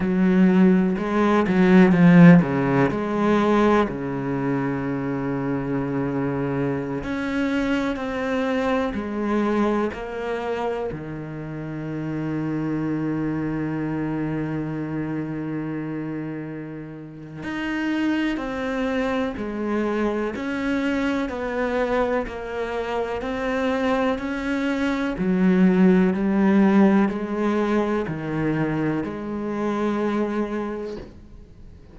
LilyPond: \new Staff \with { instrumentName = "cello" } { \time 4/4 \tempo 4 = 62 fis4 gis8 fis8 f8 cis8 gis4 | cis2.~ cis16 cis'8.~ | cis'16 c'4 gis4 ais4 dis8.~ | dis1~ |
dis2 dis'4 c'4 | gis4 cis'4 b4 ais4 | c'4 cis'4 fis4 g4 | gis4 dis4 gis2 | }